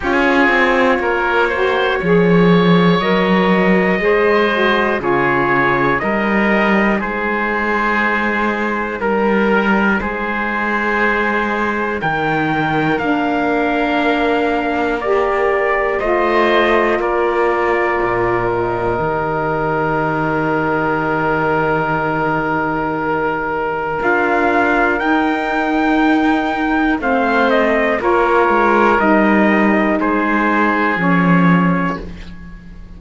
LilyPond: <<
  \new Staff \with { instrumentName = "trumpet" } { \time 4/4 \tempo 4 = 60 cis''2. dis''4~ | dis''4 cis''4 dis''4 c''4~ | c''4 ais'4 c''2 | g''4 f''2 d''4 |
dis''4 d''4. dis''4.~ | dis''1 | f''4 g''2 f''8 dis''8 | cis''4 dis''4 c''4 cis''4 | }
  \new Staff \with { instrumentName = "oboe" } { \time 4/4 gis'4 ais'8 c''8 cis''2 | c''4 gis'4 ais'4 gis'4~ | gis'4 ais'4 gis'2 | ais'1 |
c''4 ais'2.~ | ais'1~ | ais'2. c''4 | ais'2 gis'2 | }
  \new Staff \with { instrumentName = "saxophone" } { \time 4/4 f'4. fis'8 gis'4 ais'4 | gis'8 fis'8 f'4 dis'2~ | dis'1~ | dis'4 d'2 g'4 |
f'2. g'4~ | g'1 | f'4 dis'2 c'4 | f'4 dis'2 cis'4 | }
  \new Staff \with { instrumentName = "cello" } { \time 4/4 cis'8 c'8 ais4 f4 fis4 | gis4 cis4 g4 gis4~ | gis4 g4 gis2 | dis4 ais2. |
a4 ais4 ais,4 dis4~ | dis1 | d'4 dis'2 a4 | ais8 gis8 g4 gis4 f4 | }
>>